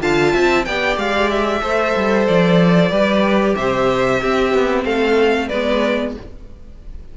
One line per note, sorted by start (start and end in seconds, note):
0.00 0.34 D3
0.00 0.65 F4
0.00 0.32 F5
0.00 0.65 A5
0.32 0.67 C4
0.32 0.65 E5
0.65 0.97 B3
0.65 1.62 G4
0.65 1.62 D5
0.65 0.97 G5
0.97 1.62 G#3
0.97 1.30 F5
1.30 2.27 E5
1.62 1.94 A3
1.62 2.91 A4
1.62 2.91 C5
1.96 2.28 G3
2.27 2.90 F3
2.27 3.55 D5
2.90 3.55 G3
2.90 4.20 G4
2.90 3.55 B4
3.55 4.22 C3
3.55 4.21 C5
3.55 4.84 E5
4.21 5.50 C4
4.21 4.54 C4
4.21 4.85 G4
4.54 4.85 B3
4.85 5.49 A3
4.85 5.48 A4
4.85 5.48 F5
5.48 6.17 G#3
5.48 6.17 B3
5.48 6.13 B4
5.48 6.13 D5